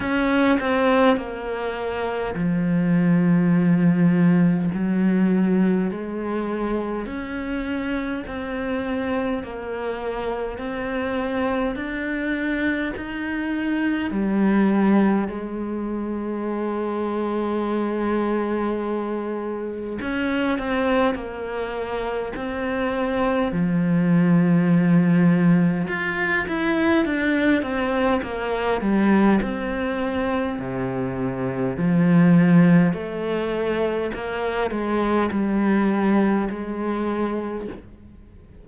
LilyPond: \new Staff \with { instrumentName = "cello" } { \time 4/4 \tempo 4 = 51 cis'8 c'8 ais4 f2 | fis4 gis4 cis'4 c'4 | ais4 c'4 d'4 dis'4 | g4 gis2.~ |
gis4 cis'8 c'8 ais4 c'4 | f2 f'8 e'8 d'8 c'8 | ais8 g8 c'4 c4 f4 | a4 ais8 gis8 g4 gis4 | }